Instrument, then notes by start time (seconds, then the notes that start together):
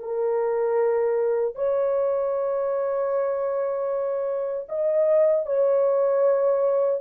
horn
0.00 A#4
1.56 C#5
4.69 D#5
5.47 C#5